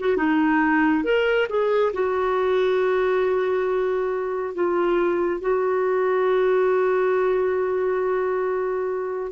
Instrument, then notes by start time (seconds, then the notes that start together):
clarinet
0.00 F#4
0.17 D#4
1.04 A#4
1.49 G#4
1.94 F#4
4.55 F4
5.41 F#4